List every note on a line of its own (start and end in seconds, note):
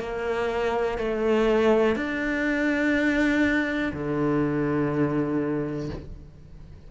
0.00 0.98 A#3
0.98 1.95 A3
1.95 3.92 D4
3.93 5.90 D3